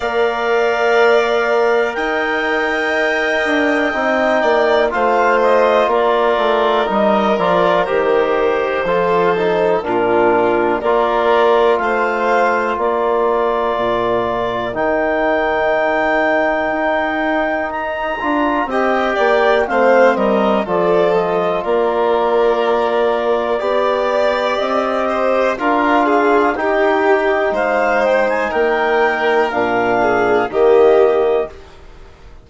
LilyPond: <<
  \new Staff \with { instrumentName = "clarinet" } { \time 4/4 \tempo 4 = 61 f''2 g''2~ | g''4 f''8 dis''8 d''4 dis''8 d''8 | c''2 ais'4 d''4 | f''4 d''2 g''4~ |
g''2 ais''4 g''4 | f''8 dis''8 d''8 dis''8 d''2~ | d''4 dis''4 f''4 g''4 | f''8 g''16 gis''16 g''4 f''4 dis''4 | }
  \new Staff \with { instrumentName = "violin" } { \time 4/4 d''2 dis''2~ | dis''8 d''8 c''4 ais'2~ | ais'4 a'4 f'4 ais'4 | c''4 ais'2.~ |
ais'2. dis''8 d''8 | c''8 ais'8 a'4 ais'2 | d''4. c''8 ais'8 gis'8 g'4 | c''4 ais'4. gis'8 g'4 | }
  \new Staff \with { instrumentName = "trombone" } { \time 4/4 ais'1 | dis'4 f'2 dis'8 f'8 | g'4 f'8 dis'8 d'4 f'4~ | f'2. dis'4~ |
dis'2~ dis'8 f'8 g'4 | c'4 f'2. | g'2 f'4 dis'4~ | dis'2 d'4 ais4 | }
  \new Staff \with { instrumentName = "bassoon" } { \time 4/4 ais2 dis'4. d'8 | c'8 ais8 a4 ais8 a8 g8 f8 | dis4 f4 ais,4 ais4 | a4 ais4 ais,4 dis4~ |
dis4 dis'4. d'8 c'8 ais8 | a8 g8 f4 ais2 | b4 c'4 d'4 dis'4 | gis4 ais4 ais,4 dis4 | }
>>